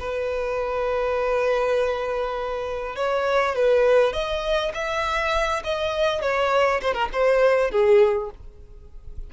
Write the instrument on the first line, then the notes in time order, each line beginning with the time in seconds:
violin
0.00 B4
2.96 C#5
3.56 B4
4.13 D#5
4.74 E5
5.64 D#5
6.22 C#5
6.82 C5
6.94 A#4
7.13 C5
7.71 G#4